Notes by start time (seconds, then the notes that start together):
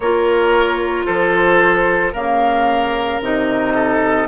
0.00 A#3 F4 A#4 C#5
1.05 F3 A4 C5
2.12 C#3 A#3 A#4 F5
3.20 C3 D#4 D#5
3.74 A4